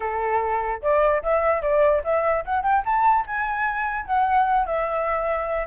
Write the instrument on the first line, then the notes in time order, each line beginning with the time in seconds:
flute
0.00 A4
0.81 D5
1.23 E5
1.61 D5
2.03 E5
2.44 F#5
2.62 G5
2.85 A5
3.26 G#5
4.05 F#5
4.65 E5